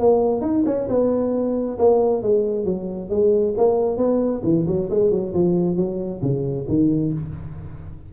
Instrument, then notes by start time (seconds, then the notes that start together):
tuba
0.00 A#3
0.42 D#4
0.66 C#4
0.89 B3
1.79 A#3
2.23 G#3
2.65 F#3
3.10 G#3
3.58 A#3
3.98 B3
4.44 E3
4.67 F#3
4.91 G#3
5.11 F#3
5.34 F3
5.77 F#3
6.22 C#3
6.69 D#3